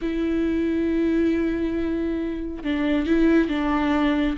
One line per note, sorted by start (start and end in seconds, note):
0.01 2.63 E4
2.63 3.06 D4
3.06 3.48 E4
3.48 4.36 D4